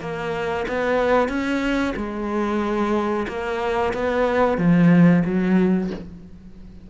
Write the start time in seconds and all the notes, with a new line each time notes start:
0.00 A#3
0.68 B3
1.29 C#4
1.96 G#3
3.28 A#3
3.94 B3
4.58 F3
5.25 F#3